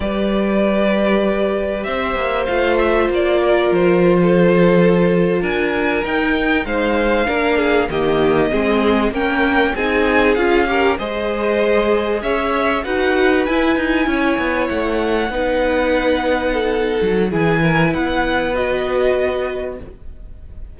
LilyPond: <<
  \new Staff \with { instrumentName = "violin" } { \time 4/4 \tempo 4 = 97 d''2. e''4 | f''8 e''8 d''4 c''2~ | c''8. gis''4 g''4 f''4~ f''16~ | f''8. dis''2 g''4 gis''16~ |
gis''8. f''4 dis''2 e''16~ | e''8. fis''4 gis''2 fis''16~ | fis''1 | gis''4 fis''4 dis''2 | }
  \new Staff \with { instrumentName = "violin" } { \time 4/4 b'2. c''4~ | c''4. ais'4~ ais'16 a'4~ a'16~ | a'8. ais'2 c''4 ais'16~ | ais'16 gis'8 g'4 gis'4 ais'4 gis'16~ |
gis'4~ gis'16 ais'8 c''2 cis''16~ | cis''8. b'2 cis''4~ cis''16~ | cis''8. b'2 a'4~ a'16 | gis'8 ais'8 b'2. | }
  \new Staff \with { instrumentName = "viola" } { \time 4/4 g'1 | f'1~ | f'4.~ f'16 dis'2 d'16~ | d'8. ais4 c'4 cis'4 dis'16~ |
dis'8. f'8 g'8 gis'2~ gis'16~ | gis'8. fis'4 e'2~ e'16~ | e'8. dis'2.~ dis'16 | e'2 fis'2 | }
  \new Staff \with { instrumentName = "cello" } { \time 4/4 g2. c'8 ais8 | a4 ais4 f2~ | f8. d'4 dis'4 gis4 ais16~ | ais8. dis4 gis4 ais4 c'16~ |
c'8. cis'4 gis2 cis'16~ | cis'8. dis'4 e'8 dis'8 cis'8 b8 a16~ | a8. b2~ b8. fis8 | e4 b2. | }
>>